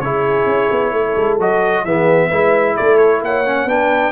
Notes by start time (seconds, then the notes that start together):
0.00 C#3 E4 G#4 C#5
0.46 C#4
0.71 B3
0.92 A3 A4
1.16 G#3
1.39 F#3 F#4 D#5
1.85 E3 B3 G#4 E5
2.28 G#3 E4 B4
2.76 A3 A4 D5
2.98 C#5
3.22 A#3 C#5 F#5
3.45 C#4
3.65 B3 D4 B4 G5